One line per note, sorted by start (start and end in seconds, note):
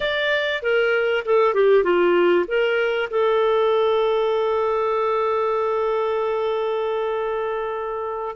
0.00 0.62 D5
0.62 1.24 A#4
1.25 1.54 A4
1.54 1.83 G4
1.83 2.45 F4
2.47 3.09 A#4
3.10 8.35 A4